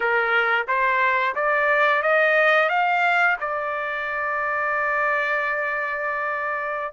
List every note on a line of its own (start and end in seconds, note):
0.00 0.66 A#4
0.67 1.35 C5
1.35 2.02 D5
2.02 2.69 D#5
2.69 3.36 F5
3.40 6.92 D5